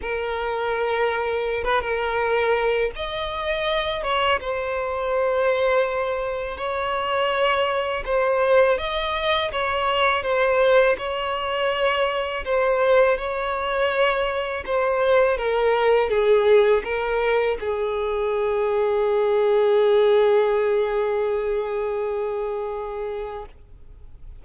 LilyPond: \new Staff \with { instrumentName = "violin" } { \time 4/4 \tempo 4 = 82 ais'2~ ais'16 b'16 ais'4. | dis''4. cis''8 c''2~ | c''4 cis''2 c''4 | dis''4 cis''4 c''4 cis''4~ |
cis''4 c''4 cis''2 | c''4 ais'4 gis'4 ais'4 | gis'1~ | gis'1 | }